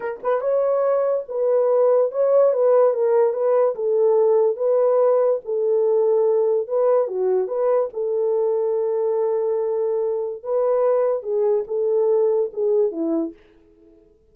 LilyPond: \new Staff \with { instrumentName = "horn" } { \time 4/4 \tempo 4 = 144 ais'8 b'8 cis''2 b'4~ | b'4 cis''4 b'4 ais'4 | b'4 a'2 b'4~ | b'4 a'2. |
b'4 fis'4 b'4 a'4~ | a'1~ | a'4 b'2 gis'4 | a'2 gis'4 e'4 | }